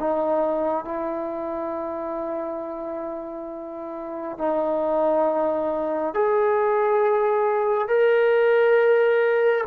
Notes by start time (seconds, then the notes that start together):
0.00 D#4
0.85 E4
4.38 D#4
6.14 G#4
7.89 A#4